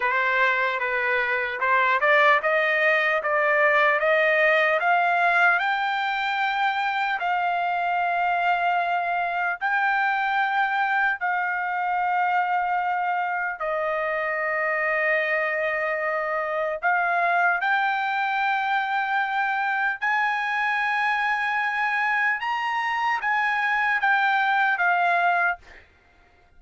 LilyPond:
\new Staff \with { instrumentName = "trumpet" } { \time 4/4 \tempo 4 = 75 c''4 b'4 c''8 d''8 dis''4 | d''4 dis''4 f''4 g''4~ | g''4 f''2. | g''2 f''2~ |
f''4 dis''2.~ | dis''4 f''4 g''2~ | g''4 gis''2. | ais''4 gis''4 g''4 f''4 | }